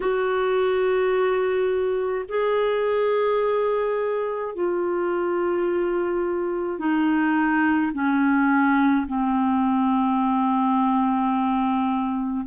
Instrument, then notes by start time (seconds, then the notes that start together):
clarinet
0.00 F#4
2.28 G#4
4.54 F4
6.78 D#4
7.92 C#4
9.07 C4